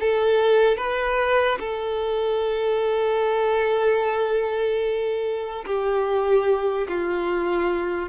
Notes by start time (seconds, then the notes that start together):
0.00 A4
0.77 B4
1.60 A4
5.66 G4
6.88 F4